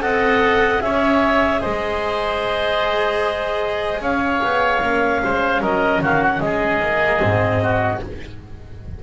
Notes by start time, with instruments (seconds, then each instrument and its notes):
0.00 double bass C4, cello A4, oboe D#5, clarinet F#5
0.78 double bass C#4, cello G#4, oboe C#5, clarinet E5
1.61 double bass G#3, oboe C5, clarinet D#5
4.00 double bass C#4, oboe C#5, clarinet F5
4.43 double bass B3
4.82 double bass A#3, cello C#4
5.23 double bass G#3, oboe C5
5.60 double bass F#3, oboe A#4, clarinet D#5
6.01 double bass D#3, oboe F#4, clarinet F5
6.22 clarinet F#5
6.40 double bass G#3, oboe G#4, clarinet D#5
6.80 cello A#3
7.19 double bass G#2, cello C4
7.63 oboe F#4